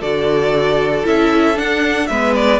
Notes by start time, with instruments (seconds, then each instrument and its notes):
0.00 cello D3, viola F#4, violin A4 D5
1.04 cello C#4, viola E4, violin E5
1.55 viola D4, cello D4, violin F#5
2.07 cello G#3, viola B3, violin B4 E5
2.35 violin D5